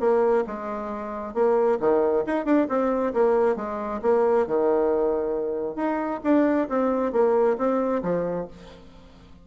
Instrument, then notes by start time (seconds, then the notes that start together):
bassoon
0.00 A#3
0.47 G#3
1.34 A#3
1.80 D#3
2.26 D#4
2.45 D4
2.69 C4
3.14 A#3
3.56 G#3
4.02 A#3
4.47 D#3
5.76 D#4
6.24 D4
6.69 C4
7.13 A#3
7.58 C4
8.03 F3